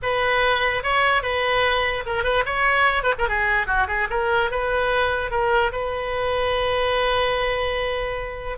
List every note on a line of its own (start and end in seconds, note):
0.02 0.83 B4
0.83 1.22 C#5
1.22 2.04 B4
2.06 2.23 A#4
2.23 2.44 B4
2.45 3.03 C#5
3.03 3.13 B4
3.18 3.28 A#4
3.28 3.67 G#4
3.67 3.87 F#4
3.87 4.08 G#4
4.10 4.50 A#4
4.50 5.30 B4
5.30 5.71 A#4
5.72 8.58 B4